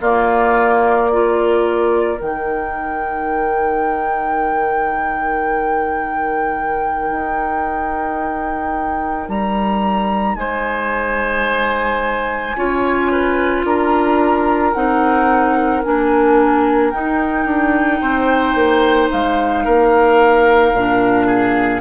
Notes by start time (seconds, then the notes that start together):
0.00 A#3 F4 D5
1.10 F4 A#4
2.18 D#3 D#4 G5
7.10 D#4
9.28 G3 A#5
10.35 G#3 C5 G#5
12.56 C#4 F4 C#5
13.11 B4
13.64 D4 A#4 A#5
14.73 C4 D#4 F#5
15.84 A#3 D4 G#5
16.91 D#4 G5
17.45 D4
18.00 C4 C5
18.55 A#3
19.11 G#3 F5
19.64 A#3 A#4
20.72 A#2 D4
21.26 G#4